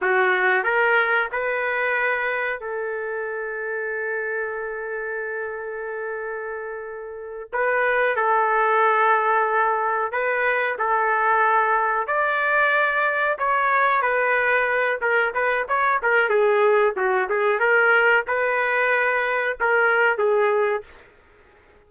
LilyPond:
\new Staff \with { instrumentName = "trumpet" } { \time 4/4 \tempo 4 = 92 fis'4 ais'4 b'2 | a'1~ | a'2.~ a'8 b'8~ | b'8 a'2. b'8~ |
b'8 a'2 d''4.~ | d''8 cis''4 b'4. ais'8 b'8 | cis''8 ais'8 gis'4 fis'8 gis'8 ais'4 | b'2 ais'4 gis'4 | }